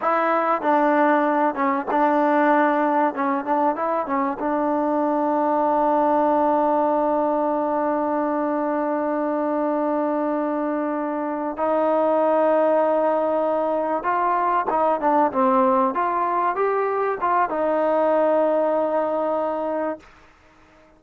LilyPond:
\new Staff \with { instrumentName = "trombone" } { \time 4/4 \tempo 4 = 96 e'4 d'4. cis'8 d'4~ | d'4 cis'8 d'8 e'8 cis'8 d'4~ | d'1~ | d'1~ |
d'2~ d'8 dis'4.~ | dis'2~ dis'8 f'4 dis'8 | d'8 c'4 f'4 g'4 f'8 | dis'1 | }